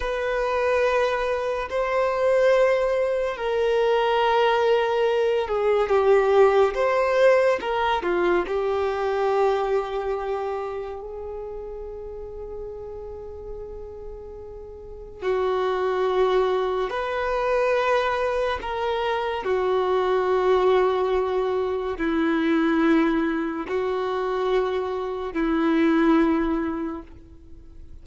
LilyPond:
\new Staff \with { instrumentName = "violin" } { \time 4/4 \tempo 4 = 71 b'2 c''2 | ais'2~ ais'8 gis'8 g'4 | c''4 ais'8 f'8 g'2~ | g'4 gis'2.~ |
gis'2 fis'2 | b'2 ais'4 fis'4~ | fis'2 e'2 | fis'2 e'2 | }